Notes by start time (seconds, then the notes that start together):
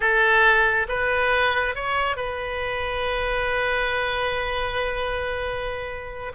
0.00 A4
0.88 B4
1.75 C#5
2.16 B4